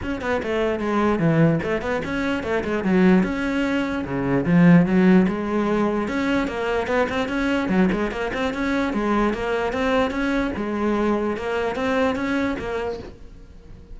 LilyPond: \new Staff \with { instrumentName = "cello" } { \time 4/4 \tempo 4 = 148 cis'8 b8 a4 gis4 e4 | a8 b8 cis'4 a8 gis8 fis4 | cis'2 cis4 f4 | fis4 gis2 cis'4 |
ais4 b8 c'8 cis'4 fis8 gis8 | ais8 c'8 cis'4 gis4 ais4 | c'4 cis'4 gis2 | ais4 c'4 cis'4 ais4 | }